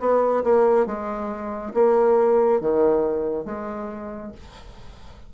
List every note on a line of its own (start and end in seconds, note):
0.00 0.43 B3
0.44 0.87 A#3
0.87 1.74 G#3
1.74 2.61 A#3
2.61 3.45 D#3
3.45 4.32 G#3